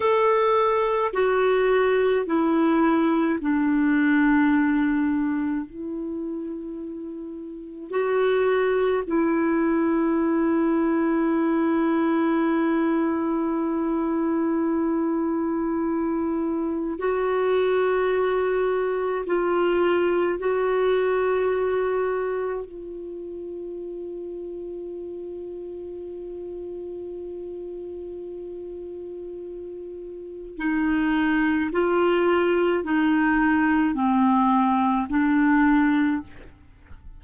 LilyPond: \new Staff \with { instrumentName = "clarinet" } { \time 4/4 \tempo 4 = 53 a'4 fis'4 e'4 d'4~ | d'4 e'2 fis'4 | e'1~ | e'2. fis'4~ |
fis'4 f'4 fis'2 | f'1~ | f'2. dis'4 | f'4 dis'4 c'4 d'4 | }